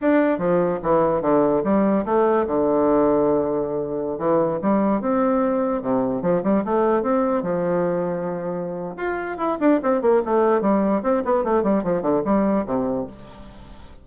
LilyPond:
\new Staff \with { instrumentName = "bassoon" } { \time 4/4 \tempo 4 = 147 d'4 f4 e4 d4 | g4 a4 d2~ | d2~ d16 e4 g8.~ | g16 c'2 c4 f8 g16~ |
g16 a4 c'4 f4.~ f16~ | f2 f'4 e'8 d'8 | c'8 ais8 a4 g4 c'8 b8 | a8 g8 f8 d8 g4 c4 | }